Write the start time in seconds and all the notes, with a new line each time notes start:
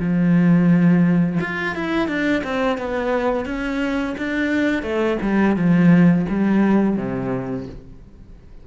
0.00 F3
1.41 F4
1.76 E4
2.08 D4
2.44 C4
2.78 B3
3.46 C#4
4.19 D4
4.83 A3
5.22 G3
5.57 F3
6.30 G3
6.97 C3